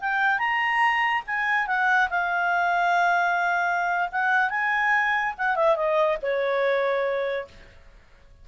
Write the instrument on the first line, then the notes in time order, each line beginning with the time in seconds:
clarinet
0.00 G5
0.39 A#5
1.27 G#5
1.67 F#5
2.10 F5
4.12 F#5
4.50 G#5
5.38 F#5
5.56 E5
5.76 D#5
6.22 C#5